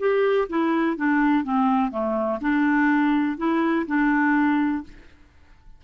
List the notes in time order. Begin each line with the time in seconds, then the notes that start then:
0.00 G4
0.49 E4
0.97 D4
1.44 C4
1.91 A3
2.41 D4
3.38 E4
3.87 D4